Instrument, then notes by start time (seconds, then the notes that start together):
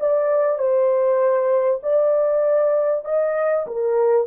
horn
0.00 D5
0.58 C5
1.83 D5
3.05 D#5
3.67 A#4